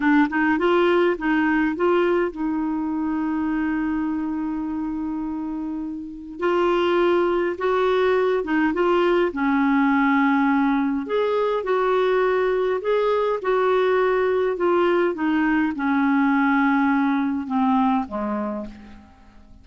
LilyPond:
\new Staff \with { instrumentName = "clarinet" } { \time 4/4 \tempo 4 = 103 d'8 dis'8 f'4 dis'4 f'4 | dis'1~ | dis'2. f'4~ | f'4 fis'4. dis'8 f'4 |
cis'2. gis'4 | fis'2 gis'4 fis'4~ | fis'4 f'4 dis'4 cis'4~ | cis'2 c'4 gis4 | }